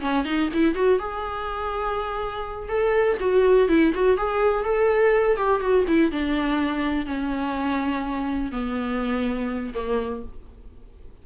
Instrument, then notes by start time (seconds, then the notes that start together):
viola
0.00 C#4
0.25 D#4
0.53 E4
0.75 F#4
0.99 G#4
2.69 A4
3.20 F#4
3.68 E4
3.94 F#4
4.17 G#4
4.64 A4
5.37 G4
5.60 F#4
5.87 E4
6.11 D4
7.06 C#4
8.51 B3
9.74 A#3